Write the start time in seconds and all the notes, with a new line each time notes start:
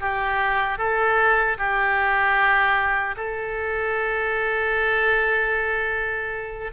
0.00 G4
0.78 A4
1.57 G4
3.16 A4